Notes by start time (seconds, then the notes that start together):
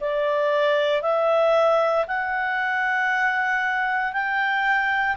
0.00 D5
1.02 E5
2.07 F#5
4.12 G5